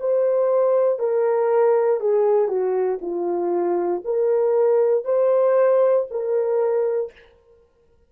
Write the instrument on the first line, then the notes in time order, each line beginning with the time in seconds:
horn
0.00 C5
0.99 A#4
2.01 G#4
2.49 F#4
3.02 F4
4.05 A#4
5.05 C5
6.11 A#4